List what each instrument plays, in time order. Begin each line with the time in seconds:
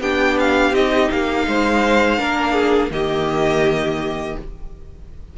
0.00 cello B3, viola D4, violin G4 G5
0.39 violin F5
0.72 cello C4, viola D#4, violin D#5
1.11 cello A#3, violin F5
1.47 cello G#3, violin C5
2.18 cello A#3, viola D4, violin A#4
2.53 violin G#4
2.90 cello D#3, viola A#3, violin G4 D#5